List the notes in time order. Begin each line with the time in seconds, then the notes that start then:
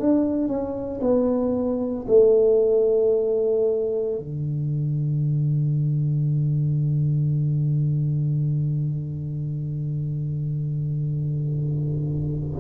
0.00 D4
0.48 C#4
1.01 B3
2.08 A3
4.19 D3